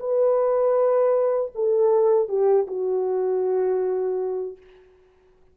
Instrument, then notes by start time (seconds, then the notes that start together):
horn
0.00 B4
1.55 A4
2.29 G4
2.68 F#4